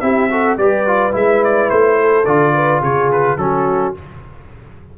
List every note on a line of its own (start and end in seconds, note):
0.00 0.57 C4
0.00 0.30 E4
0.00 0.30 G4
0.00 0.56 E5
0.30 0.58 F#4
0.30 0.59 A4
0.57 1.13 G3
0.57 0.87 G4
0.57 2.00 B4
0.57 1.14 D5
0.87 1.12 F4
1.12 1.70 G#3
1.12 2.24 E4
1.12 1.44 E5
1.44 1.70 D5
1.70 2.26 A3
1.70 2.25 C5
2.00 2.54 A4
2.25 2.82 D3
2.25 3.38 F4
2.25 2.81 D5
2.54 2.81 B4
2.81 3.37 C#3
2.81 3.37 G#4
2.81 3.11 C#5
3.11 3.38 B4
3.37 3.93 F#3
3.37 3.94 C#4
3.37 3.97 F#4
3.37 3.94 A4